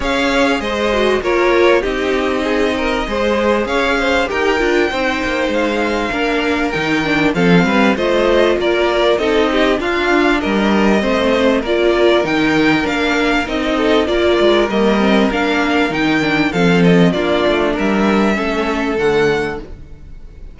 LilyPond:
<<
  \new Staff \with { instrumentName = "violin" } { \time 4/4 \tempo 4 = 98 f''4 dis''4 cis''4 dis''4~ | dis''2 f''4 g''4~ | g''4 f''2 g''4 | f''4 dis''4 d''4 dis''4 |
f''4 dis''2 d''4 | g''4 f''4 dis''4 d''4 | dis''4 f''4 g''4 f''8 dis''8 | d''4 e''2 fis''4 | }
  \new Staff \with { instrumentName = "violin" } { \time 4/4 cis''4 c''4 ais'4 g'4 | gis'8 ais'8 c''4 cis''8 c''8 ais'4 | c''2 ais'2 | a'8 b'8 c''4 ais'4 a'8 g'8 |
f'4 ais'4 c''4 ais'4~ | ais'2~ ais'8 a'8 ais'4~ | ais'2. a'4 | f'4 ais'4 a'2 | }
  \new Staff \with { instrumentName = "viola" } { \time 4/4 gis'4. fis'8 f'4 dis'4~ | dis'4 gis'2 g'8 f'8 | dis'2 d'4 dis'8 d'8 | c'4 f'2 dis'4 |
d'2 c'4 f'4 | dis'4 d'4 dis'4 f'4 | ais8 c'8 d'4 dis'8 d'8 c'4 | d'2 cis'4 a4 | }
  \new Staff \with { instrumentName = "cello" } { \time 4/4 cis'4 gis4 ais4 c'4~ | c'4 gis4 cis'4 dis'8 d'8 | c'8 ais8 gis4 ais4 dis4 | f8 g8 a4 ais4 c'4 |
d'4 g4 a4 ais4 | dis4 ais4 c'4 ais8 gis8 | g4 ais4 dis4 f4 | ais8 a8 g4 a4 d4 | }
>>